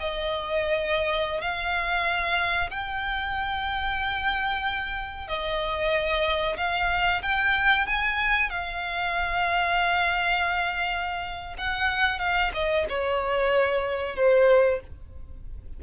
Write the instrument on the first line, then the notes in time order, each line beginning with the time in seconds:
violin
0.00 D#5
1.41 F5
2.70 G5
5.28 D#5
6.57 F5
7.22 G5
7.87 G#5
8.50 F5
11.58 F#5
12.19 F5
12.54 D#5
12.89 C#5
14.16 C5